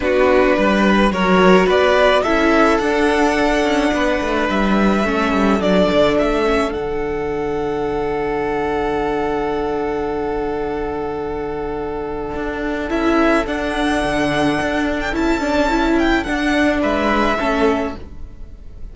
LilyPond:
<<
  \new Staff \with { instrumentName = "violin" } { \time 4/4 \tempo 4 = 107 b'2 cis''4 d''4 | e''4 fis''2. | e''2 d''4 e''4 | fis''1~ |
fis''1~ | fis''2. e''4 | fis''2~ fis''8. g''16 a''4~ | a''8 g''8 fis''4 e''2 | }
  \new Staff \with { instrumentName = "violin" } { \time 4/4 fis'4 b'4 ais'4 b'4 | a'2. b'4~ | b'4 a'2.~ | a'1~ |
a'1~ | a'1~ | a'1~ | a'2 b'4 a'4 | }
  \new Staff \with { instrumentName = "viola" } { \time 4/4 d'2 fis'2 | e'4 d'2.~ | d'4 cis'4 d'4. cis'8 | d'1~ |
d'1~ | d'2. e'4 | d'2. e'8 d'8 | e'4 d'2 cis'4 | }
  \new Staff \with { instrumentName = "cello" } { \time 4/4 b4 g4 fis4 b4 | cis'4 d'4. cis'8 b8 a8 | g4 a8 g8 fis8 d8 a4 | d1~ |
d1~ | d2 d'4 cis'4 | d'4 d4 d'4 cis'4~ | cis'4 d'4 gis4 a4 | }
>>